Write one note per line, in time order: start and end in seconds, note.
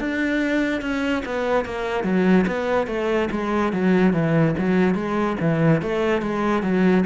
0.00 0.82 D4
0.82 1.23 C#4
1.26 1.65 B3
1.65 2.04 A#3
2.04 2.45 F#3
2.47 2.87 B3
2.87 3.29 A3
3.31 3.73 G#3
3.73 4.13 F#3
4.13 4.55 E3
4.58 4.95 F#3
4.95 5.37 G#3
5.41 5.82 E3
5.82 6.22 A3
6.22 6.63 G#3
6.63 7.05 F#3